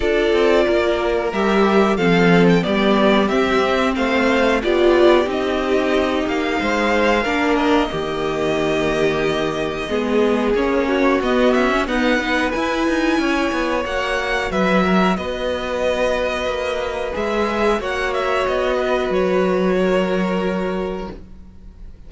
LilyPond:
<<
  \new Staff \with { instrumentName = "violin" } { \time 4/4 \tempo 4 = 91 d''2 e''4 f''8. g''16 | d''4 e''4 f''4 d''4 | dis''4. f''2 dis''8~ | dis''1 |
cis''4 dis''8 e''8 fis''4 gis''4~ | gis''4 fis''4 e''4 dis''4~ | dis''2 e''4 fis''8 e''8 | dis''4 cis''2. | }
  \new Staff \with { instrumentName = "violin" } { \time 4/4 a'4 ais'2 a'4 | g'2 c''4 g'4~ | g'2 c''4 ais'4 | g'2. gis'4~ |
gis'8 fis'4. b'2 | cis''2 b'8 ais'8 b'4~ | b'2. cis''4~ | cis''8 b'4. ais'2 | }
  \new Staff \with { instrumentName = "viola" } { \time 4/4 f'2 g'4 c'4 | b4 c'2 f'4 | dis'2. d'4 | ais2. b4 |
cis'4 b8. cis'16 b8 dis'8 e'4~ | e'4 fis'2.~ | fis'2 gis'4 fis'4~ | fis'1 | }
  \new Staff \with { instrumentName = "cello" } { \time 4/4 d'8 c'8 ais4 g4 f4 | g4 c'4 a4 b4 | c'4. ais8 gis4 ais4 | dis2. gis4 |
ais4 b8 cis'8 dis'8 b8 e'8 dis'8 | cis'8 b8 ais4 fis4 b4~ | b4 ais4 gis4 ais4 | b4 fis2. | }
>>